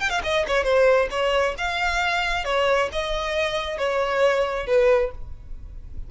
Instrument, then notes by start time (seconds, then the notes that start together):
violin
0.00 G5
0.09 F5
0.23 D#5
0.47 C#5
0.63 C5
1.10 C#5
1.58 F5
2.44 C#5
2.92 D#5
3.78 C#5
4.66 B4